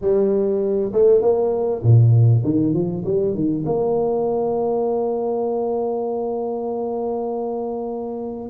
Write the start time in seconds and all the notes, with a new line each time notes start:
0.01 G3
0.93 A3
1.21 A#3
1.82 A#2
2.44 D#3
2.73 F3
3.04 G3
3.34 D#3
3.65 A#3